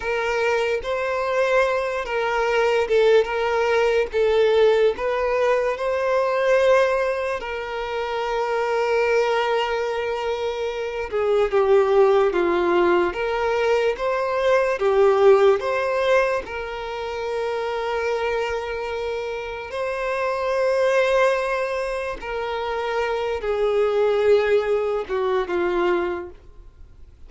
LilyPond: \new Staff \with { instrumentName = "violin" } { \time 4/4 \tempo 4 = 73 ais'4 c''4. ais'4 a'8 | ais'4 a'4 b'4 c''4~ | c''4 ais'2.~ | ais'4. gis'8 g'4 f'4 |
ais'4 c''4 g'4 c''4 | ais'1 | c''2. ais'4~ | ais'8 gis'2 fis'8 f'4 | }